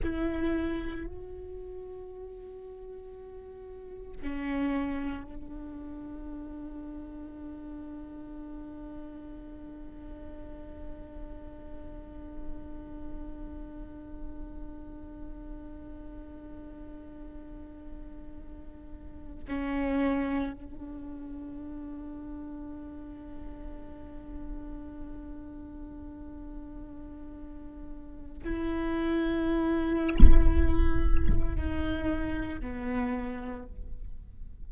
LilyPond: \new Staff \with { instrumentName = "viola" } { \time 4/4 \tempo 4 = 57 e'4 fis'2. | cis'4 d'2.~ | d'1~ | d'1~ |
d'2~ d'8 cis'4 d'8~ | d'1~ | d'2. e'4~ | e'2 dis'4 b4 | }